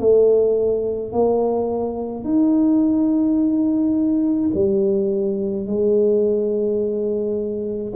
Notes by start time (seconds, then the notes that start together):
0.00 A3
1.12 A#3
2.24 D#4
4.54 G3
5.67 G#3